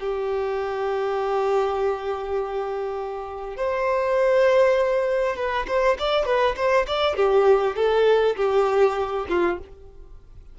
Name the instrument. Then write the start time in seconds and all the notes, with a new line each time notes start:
violin
0.00 G4
3.57 C5
5.37 B4
5.68 C5
5.99 D5
6.26 B4
6.57 C5
6.88 D5
7.16 G4
7.76 A4
8.36 G4
9.29 F4